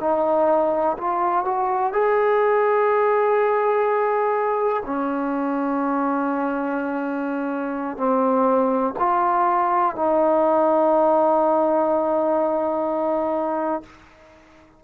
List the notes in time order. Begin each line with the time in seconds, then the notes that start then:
0.00 D#4
0.97 F4
1.45 F#4
1.93 G#4
4.85 C#4
7.97 C4
8.99 F4
9.95 D#4